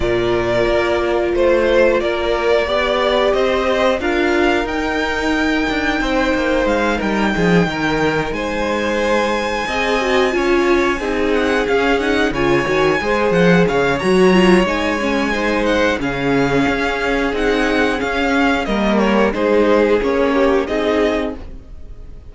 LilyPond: <<
  \new Staff \with { instrumentName = "violin" } { \time 4/4 \tempo 4 = 90 d''2 c''4 d''4~ | d''4 dis''4 f''4 g''4~ | g''2 f''8 g''4.~ | g''8 gis''2.~ gis''8~ |
gis''4 fis''8 f''8 fis''8 gis''4. | fis''8 f''8 ais''4 gis''4. fis''8 | f''2 fis''4 f''4 | dis''8 cis''8 c''4 cis''4 dis''4 | }
  \new Staff \with { instrumentName = "violin" } { \time 4/4 ais'2 c''4 ais'4 | d''4 c''4 ais'2~ | ais'4 c''4. ais'8 gis'8 ais'8~ | ais'8 c''2 dis''4 cis''8~ |
cis''8 gis'2 cis''4 c''8~ | c''8 cis''2~ cis''8 c''4 | gis'1 | ais'4 gis'4. g'8 gis'4 | }
  \new Staff \with { instrumentName = "viola" } { \time 4/4 f'1 | g'2 f'4 dis'4~ | dis'1~ | dis'2~ dis'8 gis'8 fis'8 f'8~ |
f'8 dis'4 cis'8 dis'8 f'8 fis'8 gis'8~ | gis'4 fis'8 f'8 dis'8 cis'8 dis'4 | cis'2 dis'4 cis'4 | ais4 dis'4 cis'4 dis'4 | }
  \new Staff \with { instrumentName = "cello" } { \time 4/4 ais,4 ais4 a4 ais4 | b4 c'4 d'4 dis'4~ | dis'8 d'8 c'8 ais8 gis8 g8 f8 dis8~ | dis8 gis2 c'4 cis'8~ |
cis'8 c'4 cis'4 cis8 dis8 gis8 | f8 cis8 fis4 gis2 | cis4 cis'4 c'4 cis'4 | g4 gis4 ais4 c'4 | }
>>